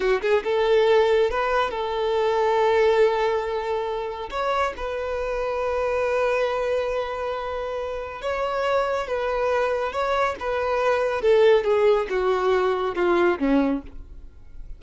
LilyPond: \new Staff \with { instrumentName = "violin" } { \time 4/4 \tempo 4 = 139 fis'8 gis'8 a'2 b'4 | a'1~ | a'2 cis''4 b'4~ | b'1~ |
b'2. cis''4~ | cis''4 b'2 cis''4 | b'2 a'4 gis'4 | fis'2 f'4 cis'4 | }